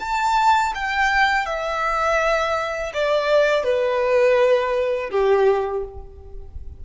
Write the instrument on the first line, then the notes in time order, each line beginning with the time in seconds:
violin
0.00 A5
0.75 G5
1.46 E5
2.94 D5
3.64 B4
5.11 G4